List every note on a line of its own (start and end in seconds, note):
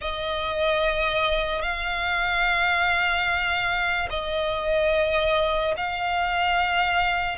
0.01 1.62 D#5
1.62 4.08 F5
4.10 5.74 D#5
5.76 7.37 F5